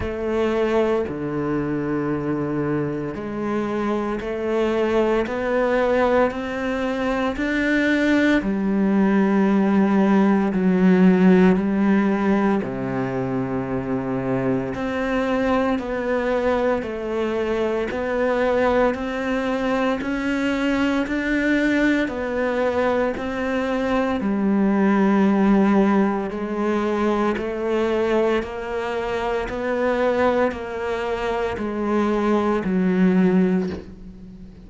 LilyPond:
\new Staff \with { instrumentName = "cello" } { \time 4/4 \tempo 4 = 57 a4 d2 gis4 | a4 b4 c'4 d'4 | g2 fis4 g4 | c2 c'4 b4 |
a4 b4 c'4 cis'4 | d'4 b4 c'4 g4~ | g4 gis4 a4 ais4 | b4 ais4 gis4 fis4 | }